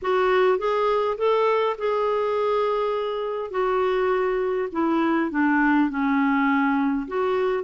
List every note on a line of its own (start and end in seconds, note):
0.02 0.58 F#4
0.58 1.17 G#4
1.17 1.76 A4
1.78 3.50 G#4
3.50 4.68 F#4
4.71 5.30 E4
5.30 5.89 D4
5.89 7.07 C#4
7.07 7.63 F#4